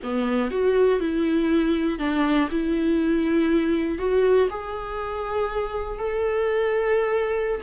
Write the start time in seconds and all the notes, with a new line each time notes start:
0.02 B3
0.50 F#4
1.00 E4
1.98 D4
2.50 E4
3.98 F#4
4.50 G#4
5.98 A4